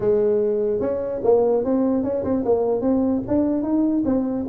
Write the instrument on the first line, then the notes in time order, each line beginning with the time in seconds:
tuba
0.00 G#3
0.80 C#4
1.23 A#3
1.64 C4
2.03 C#4
2.24 C4
2.45 A#3
2.81 C4
3.27 D4
3.62 D#4
4.05 C4